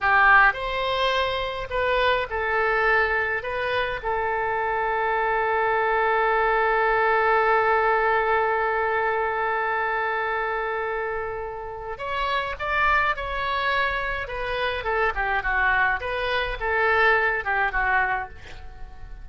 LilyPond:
\new Staff \with { instrumentName = "oboe" } { \time 4/4 \tempo 4 = 105 g'4 c''2 b'4 | a'2 b'4 a'4~ | a'1~ | a'1~ |
a'1~ | a'4 cis''4 d''4 cis''4~ | cis''4 b'4 a'8 g'8 fis'4 | b'4 a'4. g'8 fis'4 | }